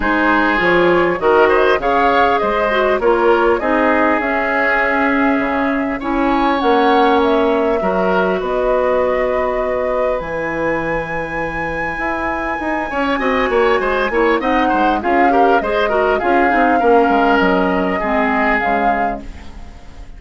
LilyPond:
<<
  \new Staff \with { instrumentName = "flute" } { \time 4/4 \tempo 4 = 100 c''4 cis''4 dis''4 f''4 | dis''4 cis''4 dis''4 e''4~ | e''2 gis''4 fis''4 | e''2 dis''2~ |
dis''4 gis''2.~ | gis''1 | fis''4 f''4 dis''4 f''4~ | f''4 dis''2 f''4 | }
  \new Staff \with { instrumentName = "oboe" } { \time 4/4 gis'2 ais'8 c''8 cis''4 | c''4 ais'4 gis'2~ | gis'2 cis''2~ | cis''4 ais'4 b'2~ |
b'1~ | b'4. cis''8 dis''8 cis''8 c''8 cis''8 | dis''8 c''8 gis'8 ais'8 c''8 ais'8 gis'4 | ais'2 gis'2 | }
  \new Staff \with { instrumentName = "clarinet" } { \time 4/4 dis'4 f'4 fis'4 gis'4~ | gis'8 fis'8 f'4 dis'4 cis'4~ | cis'2 e'4 cis'4~ | cis'4 fis'2.~ |
fis'4 e'2.~ | e'2 fis'4. e'8 | dis'4 f'8 g'8 gis'8 fis'8 f'8 dis'8 | cis'2 c'4 gis4 | }
  \new Staff \with { instrumentName = "bassoon" } { \time 4/4 gis4 f4 dis4 cis4 | gis4 ais4 c'4 cis'4~ | cis'4 cis4 cis'4 ais4~ | ais4 fis4 b2~ |
b4 e2. | e'4 dis'8 cis'8 c'8 ais8 gis8 ais8 | c'8 gis8 cis'4 gis4 cis'8 c'8 | ais8 gis8 fis4 gis4 cis4 | }
>>